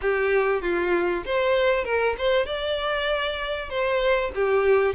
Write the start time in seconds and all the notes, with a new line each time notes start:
0.01 G4
0.61 F4
1.25 C5
1.84 A#4
2.18 C5
2.45 D5
3.69 C5
4.34 G4